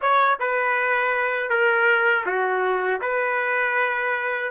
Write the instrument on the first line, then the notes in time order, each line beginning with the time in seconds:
trumpet
0.01 C#5
0.40 B4
1.49 A#4
2.25 F#4
3.01 B4